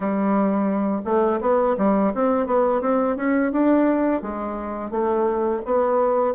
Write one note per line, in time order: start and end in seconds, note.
0.00 1.01 G3
1.04 1.40 A3
1.41 1.76 B3
1.77 2.13 G3
2.14 2.46 C4
2.46 2.81 B3
2.81 3.16 C4
3.16 3.51 C#4
3.52 4.22 D4
4.22 4.91 G#3
4.91 5.61 A3
5.65 6.34 B3